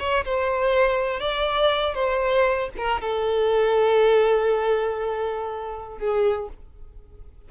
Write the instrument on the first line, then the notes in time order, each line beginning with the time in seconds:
violin
0.00 C#5
0.25 C5
1.20 D5
1.95 C5
2.78 A#4
3.02 A4
5.99 G#4